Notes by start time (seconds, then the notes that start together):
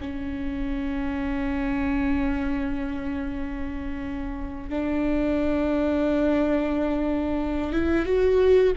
0.00 C#4
4.69 D4
7.72 E4
8.05 F#4